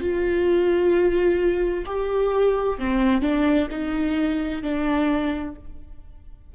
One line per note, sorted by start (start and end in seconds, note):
0.00 1.85 F4
1.85 2.78 G4
2.78 3.21 C4
3.21 3.68 D4
3.70 4.62 D#4
4.62 5.54 D4